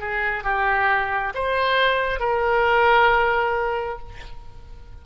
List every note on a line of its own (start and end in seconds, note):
0.00 0.44 G#4
0.44 1.34 G4
1.35 2.20 C5
2.20 3.99 A#4